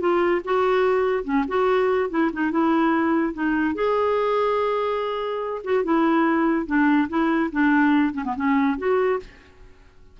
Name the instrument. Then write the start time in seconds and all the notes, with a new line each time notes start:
clarinet
0.00 F4
0.44 F#4
1.24 C#4
1.48 F#4
2.10 E4
2.33 D#4
2.51 E4
3.34 D#4
3.75 G#4
5.64 F#4
5.84 E4
6.66 D4
7.09 E4
7.52 D4
8.14 C#4
8.25 B3
8.36 C#4
8.78 F#4